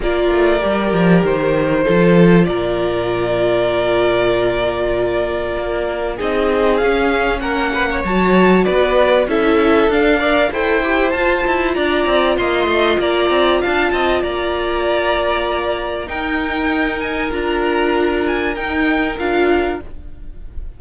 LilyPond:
<<
  \new Staff \with { instrumentName = "violin" } { \time 4/4 \tempo 4 = 97 d''2 c''2 | d''1~ | d''2 dis''4 f''4 | fis''4 a''4 d''4 e''4 |
f''4 g''4 a''4 ais''4 | c'''4 ais''4 a''4 ais''4~ | ais''2 g''4. gis''8 | ais''4. gis''8 g''4 f''4 | }
  \new Staff \with { instrumentName = "violin" } { \time 4/4 ais'2. a'4 | ais'1~ | ais'2 gis'2 | ais'8 b'16 cis''4~ cis''16 b'4 a'4~ |
a'8 d''8 c''2 d''4 | dis''4 d''4 f''8 dis''8 d''4~ | d''2 ais'2~ | ais'1 | }
  \new Staff \with { instrumentName = "viola" } { \time 4/4 f'4 g'2 f'4~ | f'1~ | f'2 dis'4 cis'4~ | cis'4 fis'2 e'4 |
d'8 ais'8 a'8 g'8 f'2~ | f'1~ | f'2 dis'2 | f'2 dis'4 f'4 | }
  \new Staff \with { instrumentName = "cello" } { \time 4/4 ais8 a8 g8 f8 dis4 f4 | ais,1~ | ais,4 ais4 c'4 cis'4 | ais4 fis4 b4 cis'4 |
d'4 e'4 f'8 e'8 d'8 c'8 | ais8 a8 ais8 c'8 d'8 c'8 ais4~ | ais2 dis'2 | d'2 dis'4 d'4 | }
>>